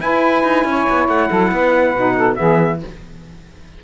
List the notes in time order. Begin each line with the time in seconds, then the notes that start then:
0.00 E4 B4 G#5
0.43 D#4
0.64 C#4 C#5
0.89 B3
1.08 A3 F#5
1.29 F#3 A4
1.51 B3 B4
1.94 B2 D#4
2.17 A4
2.35 E3 B3 G#4 E5